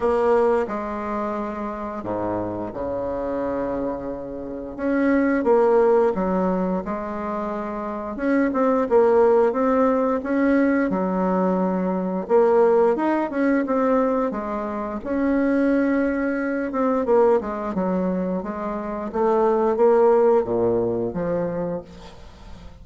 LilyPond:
\new Staff \with { instrumentName = "bassoon" } { \time 4/4 \tempo 4 = 88 ais4 gis2 gis,4 | cis2. cis'4 | ais4 fis4 gis2 | cis'8 c'8 ais4 c'4 cis'4 |
fis2 ais4 dis'8 cis'8 | c'4 gis4 cis'2~ | cis'8 c'8 ais8 gis8 fis4 gis4 | a4 ais4 ais,4 f4 | }